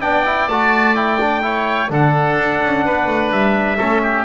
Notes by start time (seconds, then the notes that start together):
0.00 B3 D4 D5 G5
0.25 E4
0.48 A3 F#4 A5
0.95 E4 G5
1.20 D4
1.42 E4 C#5
1.89 D3 D4 A4 F#5
2.37 D4
2.64 C#4
2.85 B3 B4
3.06 A3
3.31 G3 E5
3.78 A3 C#4 A4
4.02 G4